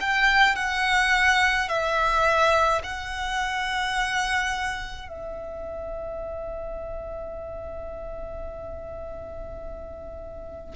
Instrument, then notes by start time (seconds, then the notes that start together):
violin
0.00 G5
0.55 F#5
1.69 E5
2.83 F#5
5.08 E5